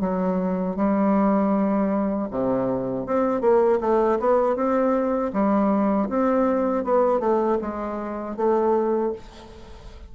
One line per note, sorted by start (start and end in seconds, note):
0.00 0.76 F#3
0.76 2.28 G3
2.30 3.06 C3
3.06 3.41 C4
3.41 3.79 A#3
3.81 4.19 A3
4.19 4.56 B3
4.56 5.32 C4
5.33 6.09 G3
6.09 6.84 C4
6.84 7.20 B3
7.20 7.58 A3
7.61 8.36 G#3
8.36 9.12 A3